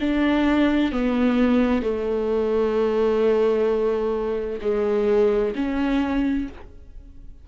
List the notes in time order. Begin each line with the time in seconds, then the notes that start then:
0.00 D4
0.92 B3
1.83 A3
4.62 G#3
5.56 C#4